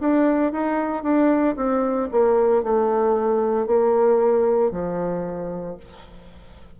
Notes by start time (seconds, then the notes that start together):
0.00 D4
0.52 D#4
1.02 D4
1.56 C4
2.11 A#3
2.63 A3
3.67 A#3
4.71 F3